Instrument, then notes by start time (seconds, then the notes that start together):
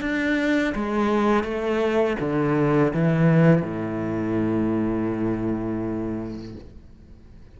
cello
0.00 D4
0.75 G#3
1.43 A3
2.20 D3
2.93 E3
3.62 A2